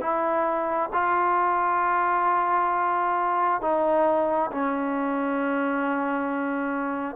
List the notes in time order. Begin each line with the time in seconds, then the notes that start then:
0.00 E4
0.93 F4
3.61 D#4
4.51 C#4